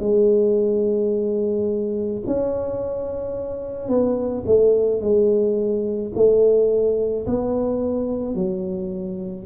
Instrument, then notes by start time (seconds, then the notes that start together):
tuba
0.00 G#3
2.27 C#4
3.88 B3
4.46 A3
5.01 G#3
6.15 A3
7.26 B3
8.35 F#3